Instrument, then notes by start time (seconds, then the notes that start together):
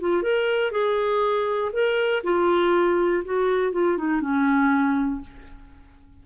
clarinet
0.00 F4
0.23 A#4
0.71 G#4
1.72 A#4
2.23 F4
3.25 F#4
3.72 F4
3.97 D#4
4.21 C#4